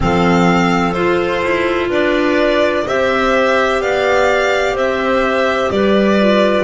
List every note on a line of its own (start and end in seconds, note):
0.00 0.95 F3
0.00 0.93 C4
0.00 1.89 A4
0.00 0.93 F5
0.93 1.42 F4
0.93 2.86 F4
0.93 1.88 C5
1.43 1.89 E4
1.89 2.84 D4
1.89 2.84 B4
1.89 2.87 D5
2.86 3.80 C4
2.86 6.20 G4
2.86 3.81 C5
2.86 3.81 E5
3.80 4.73 B3
3.80 4.74 D5
3.80 4.76 F5
4.73 5.68 C4
4.73 5.69 C5
4.73 5.70 E5
5.70 6.64 G3
5.70 6.64 B4
5.70 6.64 D5
6.20 6.64 F4